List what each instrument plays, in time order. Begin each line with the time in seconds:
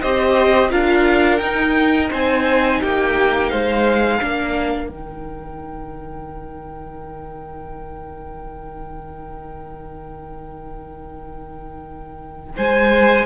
0.00 cello C4, viola G4, violin C5 D#5
0.70 cello D4, viola F4, violin A#4 F5
1.37 cello D#4, viola D#4, violin G5
2.09 cello C4, violin C5 G#5
2.80 cello A#3, violin G4 G5
3.49 cello G#3, violin C5 F5
4.18 cello A#3, viola D4, violin A#4
4.87 cello D#3, viola D#4, violin G5
12.56 cello G#3, violin C5 G#5